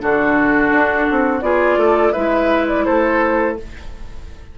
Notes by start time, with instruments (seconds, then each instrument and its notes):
0.00 bassoon D3, clarinet D4, oboe F#4, flute A4
0.71 bassoon D4
1.11 bassoon C4
1.41 bassoon B3, clarinet F4, oboe G#4, flute D5
1.77 bassoon A3, oboe A4
2.12 bassoon G#3, clarinet E4, oboe B4, flute E5
2.68 flute D5
2.85 bassoon A3, oboe A4, flute C5